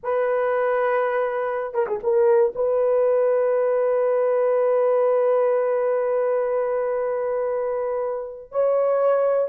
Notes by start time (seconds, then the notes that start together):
0.03 B4
1.74 A#4
1.86 G#4
2.03 A#4
2.55 B4
8.51 C#5